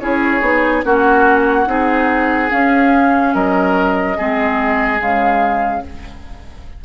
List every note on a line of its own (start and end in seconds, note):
0.00 0.41 C#4
0.00 0.41 E4
0.00 0.85 G#4
0.00 0.83 C#5
0.41 0.83 B3
0.41 0.83 D#4
0.84 1.67 A#3
0.84 1.66 C#4
0.84 1.69 F#4
0.84 2.51 F#5
1.66 2.50 C4
1.66 2.50 D#4
1.66 3.34 G#4
2.50 4.16 C#4
2.50 3.35 C#4
2.50 3.34 F5
3.34 4.18 F#3
3.34 4.18 A#4
3.34 5.01 D#5
4.18 5.02 G#3
4.18 4.98 C4
4.18 5.85 G#4
4.98 5.85 C#3
4.98 5.81 G#3
4.98 5.85 F5